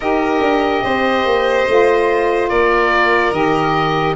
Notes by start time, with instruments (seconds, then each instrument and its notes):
0.00 tuba D#4, saxophone G4, violin A#4, oboe D#5
0.40 tuba D4
0.82 tuba C4, violin C5
1.25 tuba A#3
1.68 tuba A3, saxophone F4
2.49 tuba A#3, violin A#4, oboe D5
3.32 tuba D#3, saxophone G4, oboe D#5